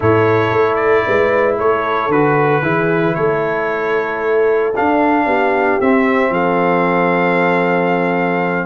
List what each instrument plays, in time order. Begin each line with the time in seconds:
0.00 tuba A2, trombone E4, horn A4, trumpet C#5
0.51 tuba A3
0.75 trumpet D5
1.05 tuba G#3, horn B4
1.57 tuba A3, horn A4, trumpet C#5
2.08 tuba D3, trombone F#4, trumpet B4
2.62 tuba E3, trombone E4, horn G#4
3.15 tuba A3, horn A4, trumpet C#5
4.75 trombone D4, tuba D4, trumpet F5
5.26 tuba B3, horn G4
5.80 tuba C4, trombone C4, trumpet E5
6.29 tuba F3, horn A4, trumpet F5